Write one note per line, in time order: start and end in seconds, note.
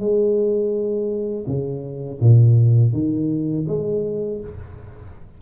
0.00 1.46 G#3
1.47 2.21 C#3
2.21 2.93 A#2
2.93 3.67 D#3
3.68 4.41 G#3